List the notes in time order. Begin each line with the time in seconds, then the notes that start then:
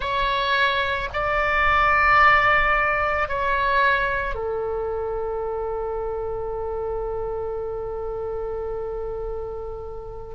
0.00 C#5
1.13 D5
3.28 C#5
4.34 A4